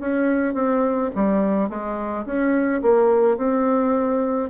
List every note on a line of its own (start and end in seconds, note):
0.00 0.54 C#4
0.54 1.10 C4
1.15 1.69 G3
1.69 2.25 G#3
2.26 2.82 C#4
2.82 3.37 A#3
3.37 4.50 C4